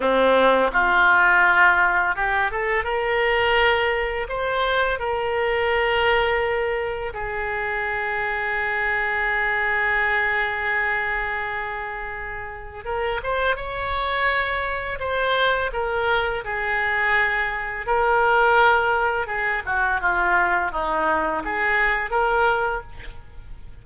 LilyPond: \new Staff \with { instrumentName = "oboe" } { \time 4/4 \tempo 4 = 84 c'4 f'2 g'8 a'8 | ais'2 c''4 ais'4~ | ais'2 gis'2~ | gis'1~ |
gis'2 ais'8 c''8 cis''4~ | cis''4 c''4 ais'4 gis'4~ | gis'4 ais'2 gis'8 fis'8 | f'4 dis'4 gis'4 ais'4 | }